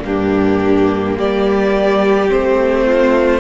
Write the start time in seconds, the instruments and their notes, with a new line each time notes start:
0.00 cello G2, viola A#3, violin D4 G4
1.17 cello G3, violin G4 D5
2.28 cello A3, viola C4, violin C5
2.86 violin F4